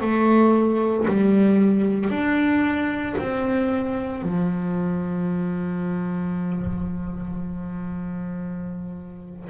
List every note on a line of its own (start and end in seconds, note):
0.00 1.05 A3
1.07 2.10 G3
2.10 3.15 D4
3.19 4.22 C4
4.22 9.49 F3